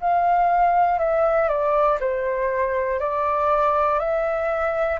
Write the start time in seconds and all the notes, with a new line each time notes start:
0.00 F5
0.99 E5
1.48 D5
2.00 C5
2.99 D5
3.99 E5